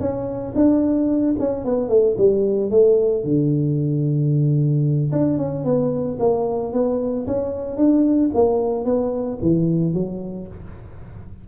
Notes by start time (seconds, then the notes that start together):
0.00 C#4
0.55 D4
1.39 C#4
1.65 B3
1.88 A3
2.17 G3
2.71 A3
3.24 D3
5.12 D4
5.37 C#4
5.64 B3
6.19 A#3
6.73 B3
7.27 C#4
7.77 D4
8.34 A#3
8.85 B3
9.42 E3
9.94 F#3